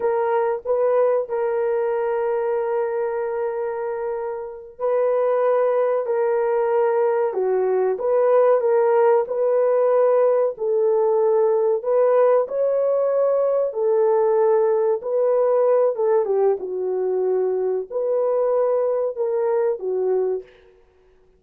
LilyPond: \new Staff \with { instrumentName = "horn" } { \time 4/4 \tempo 4 = 94 ais'4 b'4 ais'2~ | ais'2.~ ais'8 b'8~ | b'4. ais'2 fis'8~ | fis'8 b'4 ais'4 b'4.~ |
b'8 a'2 b'4 cis''8~ | cis''4. a'2 b'8~ | b'4 a'8 g'8 fis'2 | b'2 ais'4 fis'4 | }